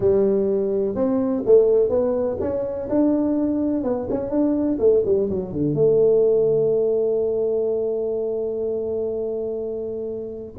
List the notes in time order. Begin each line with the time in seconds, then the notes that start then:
0.00 G3
0.95 C4
1.45 A3
1.89 B3
2.40 C#4
2.89 D4
3.83 B3
4.10 C#4
4.29 D4
4.79 A3
5.05 G3
5.30 F#3
5.52 D3
5.74 A3